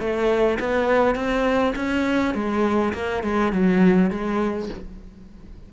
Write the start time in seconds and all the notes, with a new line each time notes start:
0.00 A3
0.60 B3
1.16 C4
1.76 C#4
2.35 G#3
2.94 A#3
3.24 G#3
3.53 F#3
4.11 G#3